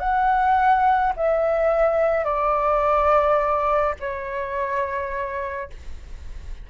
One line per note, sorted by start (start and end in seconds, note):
0.00 1.13 F#5
1.17 2.25 E5
2.25 3.95 D5
4.00 5.71 C#5